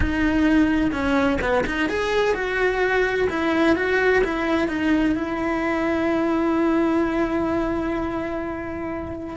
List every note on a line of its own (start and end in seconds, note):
0.00 0.91 D#4
0.91 1.38 C#4
1.41 1.64 B3
1.66 1.89 D#4
1.89 2.34 G#4
2.34 3.28 F#4
3.29 3.75 E4
3.75 4.22 F#4
4.24 4.68 E4
4.68 5.15 D#4
5.15 9.36 E4